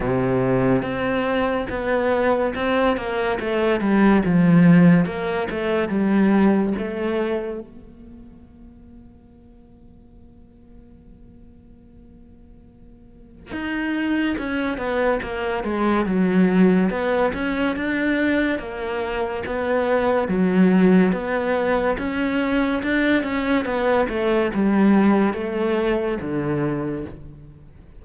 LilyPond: \new Staff \with { instrumentName = "cello" } { \time 4/4 \tempo 4 = 71 c4 c'4 b4 c'8 ais8 | a8 g8 f4 ais8 a8 g4 | a4 ais2.~ | ais1 |
dis'4 cis'8 b8 ais8 gis8 fis4 | b8 cis'8 d'4 ais4 b4 | fis4 b4 cis'4 d'8 cis'8 | b8 a8 g4 a4 d4 | }